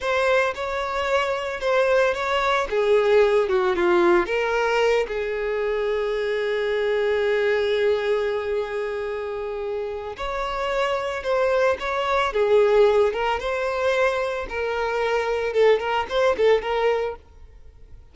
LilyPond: \new Staff \with { instrumentName = "violin" } { \time 4/4 \tempo 4 = 112 c''4 cis''2 c''4 | cis''4 gis'4. fis'8 f'4 | ais'4. gis'2~ gis'8~ | gis'1~ |
gis'2. cis''4~ | cis''4 c''4 cis''4 gis'4~ | gis'8 ais'8 c''2 ais'4~ | ais'4 a'8 ais'8 c''8 a'8 ais'4 | }